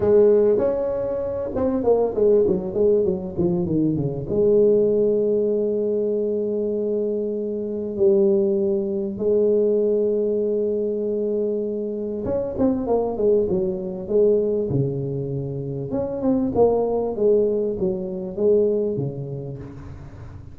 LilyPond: \new Staff \with { instrumentName = "tuba" } { \time 4/4 \tempo 4 = 98 gis4 cis'4. c'8 ais8 gis8 | fis8 gis8 fis8 f8 dis8 cis8 gis4~ | gis1~ | gis4 g2 gis4~ |
gis1 | cis'8 c'8 ais8 gis8 fis4 gis4 | cis2 cis'8 c'8 ais4 | gis4 fis4 gis4 cis4 | }